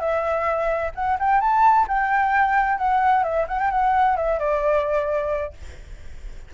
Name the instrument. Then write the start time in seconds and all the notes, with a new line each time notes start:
flute
0.00 E5
0.95 F#5
1.20 G5
1.41 A5
1.88 G5
2.78 F#5
3.23 E5
3.48 F#5
3.59 G5
3.71 F#5
4.17 E5
4.39 D5